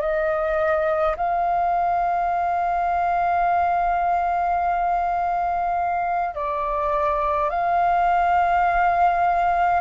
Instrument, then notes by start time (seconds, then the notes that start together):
flute
0.00 D#5
1.16 F5
6.34 D5
7.49 F5